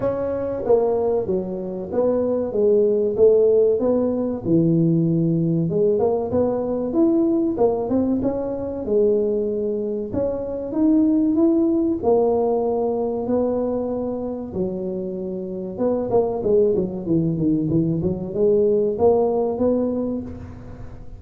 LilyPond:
\new Staff \with { instrumentName = "tuba" } { \time 4/4 \tempo 4 = 95 cis'4 ais4 fis4 b4 | gis4 a4 b4 e4~ | e4 gis8 ais8 b4 e'4 | ais8 c'8 cis'4 gis2 |
cis'4 dis'4 e'4 ais4~ | ais4 b2 fis4~ | fis4 b8 ais8 gis8 fis8 e8 dis8 | e8 fis8 gis4 ais4 b4 | }